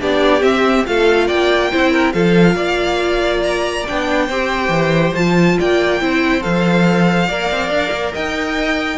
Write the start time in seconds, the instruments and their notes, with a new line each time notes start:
0.00 cello B3, viola D4, violin G4 D5
0.40 viola C4, cello C4, violin E5
0.87 cello A3, viola F4, violin A4 F5
1.27 cello A#3, violin D5 G5
1.72 cello C4, viola E4, violin C5
1.91 violin A#4
2.13 cello F3, viola F4, violin A4 F5
2.55 cello A#3, violin D5
3.43 violin A#5
3.87 cello B3, viola D4, violin G5
4.26 cello C4, viola G4, violin C5
4.69 cello E3
5.15 cello F3, viola F4, violin A5
5.59 cello A#3, violin D5 G5
6.00 cello C4, viola E4, violin C5
6.41 cello F3, viola A4, violin F5
7.28 cello A#3, viola A#4, violin D5
7.51 cello C4
7.70 cello D4
7.92 cello A#3
8.14 cello D#4, violin D#5 G5